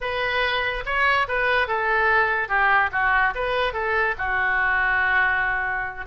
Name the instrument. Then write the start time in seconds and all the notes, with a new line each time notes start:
oboe
0.00 B4
0.85 C#5
1.28 B4
1.67 A4
2.48 G4
2.92 F#4
3.34 B4
3.73 A4
4.18 F#4